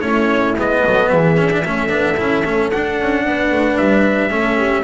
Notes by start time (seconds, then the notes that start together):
0.00 A3 C#4 E4 C#5
0.56 G#3 B3 D#5
0.84 F#3 A4
1.09 E3 G#4 E5
1.37 C#4
1.51 D4
1.64 A3 C#4 A4
1.89 B3 D4
2.17 C#4 E4
2.45 A3 C#4
2.71 D4 F#5
3.00 C#4
3.25 B3 B4
3.51 A3
3.77 G3 E5
4.29 A3 C#4 A4
4.57 G4